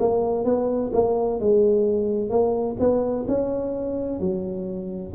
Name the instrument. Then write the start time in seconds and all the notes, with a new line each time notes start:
tuba
0.00 A#3
0.45 B3
0.93 A#3
1.40 G#3
2.30 A#3
2.80 B3
3.28 C#4
4.20 F#3